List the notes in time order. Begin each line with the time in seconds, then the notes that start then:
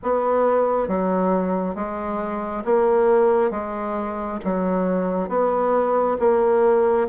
0.02 B3
0.87 F#3
1.75 G#3
2.65 A#3
3.51 G#3
4.44 F#3
5.29 B3
6.19 A#3